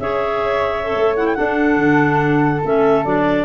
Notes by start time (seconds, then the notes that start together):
0.00 C#4 G#4 C#5 E5
0.84 A4
0.96 A3
1.16 E4 F#5
1.25 G5
1.35 D4 A4 F#5
1.77 D3
2.65 A3 C#4 E5
3.05 F#3 D4 D5